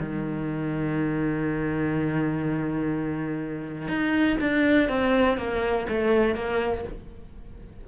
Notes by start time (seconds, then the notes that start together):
0.00 D#3
3.89 D#4
4.41 D4
4.89 C4
5.38 A#3
5.89 A3
6.35 A#3